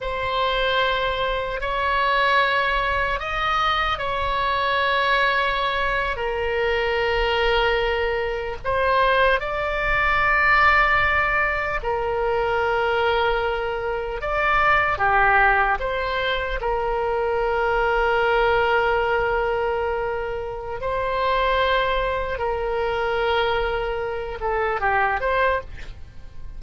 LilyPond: \new Staff \with { instrumentName = "oboe" } { \time 4/4 \tempo 4 = 75 c''2 cis''2 | dis''4 cis''2~ cis''8. ais'16~ | ais'2~ ais'8. c''4 d''16~ | d''2~ d''8. ais'4~ ais'16~ |
ais'4.~ ais'16 d''4 g'4 c''16~ | c''8. ais'2.~ ais'16~ | ais'2 c''2 | ais'2~ ais'8 a'8 g'8 c''8 | }